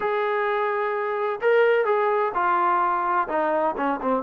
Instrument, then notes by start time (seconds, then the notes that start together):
trombone
0.00 G#4
1.41 A#4
1.85 G#4
2.34 F4
3.28 D#4
3.76 C#4
4.01 C4